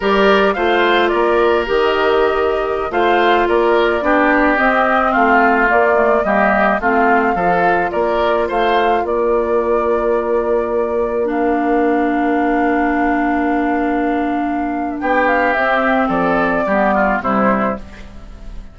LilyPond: <<
  \new Staff \with { instrumentName = "flute" } { \time 4/4 \tempo 4 = 108 d''4 f''4 d''4 dis''4~ | dis''4~ dis''16 f''4 d''4.~ d''16~ | d''16 dis''4 f''4 d''4 dis''8.~ | dis''16 f''2 d''4 f''8.~ |
f''16 d''2.~ d''8.~ | d''16 f''2.~ f''8.~ | f''2. g''8 f''8 | e''4 d''2 c''4 | }
  \new Staff \with { instrumentName = "oboe" } { \time 4/4 ais'4 c''4 ais'2~ | ais'4~ ais'16 c''4 ais'4 g'8.~ | g'4~ g'16 f'2 g'8.~ | g'16 f'4 a'4 ais'4 c''8.~ |
c''16 ais'2.~ ais'8.~ | ais'1~ | ais'2. g'4~ | g'4 a'4 g'8 f'8 e'4 | }
  \new Staff \with { instrumentName = "clarinet" } { \time 4/4 g'4 f'2 g'4~ | g'4~ g'16 f'2 d'8.~ | d'16 c'2 ais8 a8 ais8.~ | ais16 c'4 f'2~ f'8.~ |
f'1~ | f'16 d'2.~ d'8.~ | d'1 | c'2 b4 g4 | }
  \new Staff \with { instrumentName = "bassoon" } { \time 4/4 g4 a4 ais4 dis4~ | dis4~ dis16 a4 ais4 b8.~ | b16 c'4 a4 ais4 g8.~ | g16 a4 f4 ais4 a8.~ |
a16 ais2.~ ais8.~ | ais1~ | ais2. b4 | c'4 f4 g4 c4 | }
>>